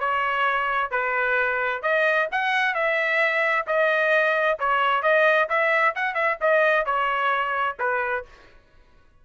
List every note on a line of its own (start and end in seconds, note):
0.00 0.91 C#5
0.91 1.82 B4
1.82 2.28 D#5
2.32 2.74 F#5
2.74 3.66 E5
3.67 4.59 D#5
4.59 5.02 C#5
5.02 5.48 D#5
5.49 5.95 E5
5.95 6.14 F#5
6.14 6.37 E5
6.41 6.86 D#5
6.86 7.77 C#5
7.79 8.25 B4